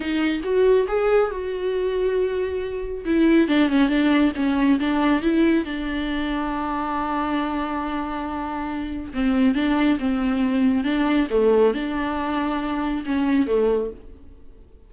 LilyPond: \new Staff \with { instrumentName = "viola" } { \time 4/4 \tempo 4 = 138 dis'4 fis'4 gis'4 fis'4~ | fis'2. e'4 | d'8 cis'8 d'4 cis'4 d'4 | e'4 d'2.~ |
d'1~ | d'4 c'4 d'4 c'4~ | c'4 d'4 a4 d'4~ | d'2 cis'4 a4 | }